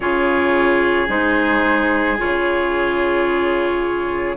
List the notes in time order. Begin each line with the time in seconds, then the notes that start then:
0.00 C#3 F4 G#4 C#5
1.08 G#3 D#4 C5
2.17 C#3 F4 C#5